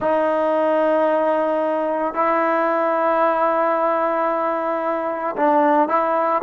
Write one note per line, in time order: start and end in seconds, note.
0.00 2.14 D#4
2.14 5.35 E4
5.36 5.88 D4
5.88 6.41 E4